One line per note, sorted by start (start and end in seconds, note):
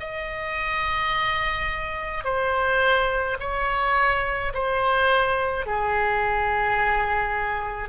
0.00 2.24 D#5
2.24 3.38 C5
3.40 4.53 C#5
4.54 5.66 C5
5.66 7.89 G#4